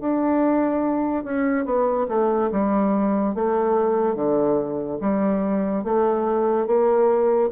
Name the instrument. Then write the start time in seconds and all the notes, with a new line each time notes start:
bassoon
0.00 D4
1.24 C#4
1.65 B3
2.09 A3
2.52 G3
3.35 A3
4.15 D3
5.01 G3
5.84 A3
6.67 A#3